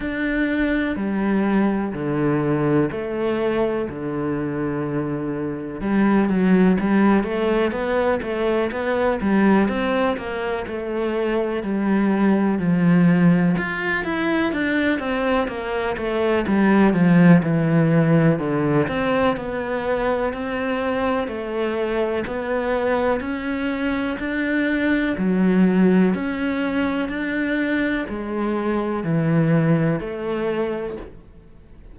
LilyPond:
\new Staff \with { instrumentName = "cello" } { \time 4/4 \tempo 4 = 62 d'4 g4 d4 a4 | d2 g8 fis8 g8 a8 | b8 a8 b8 g8 c'8 ais8 a4 | g4 f4 f'8 e'8 d'8 c'8 |
ais8 a8 g8 f8 e4 d8 c'8 | b4 c'4 a4 b4 | cis'4 d'4 fis4 cis'4 | d'4 gis4 e4 a4 | }